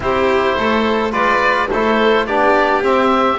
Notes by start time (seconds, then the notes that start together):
0.00 C4 E4 G4 C5
0.57 A3 A4
1.11 G#3 F4 B4 D5
1.70 A3 E4 A4 C5
2.26 B3 D4 G4 D5
2.82 C4 E5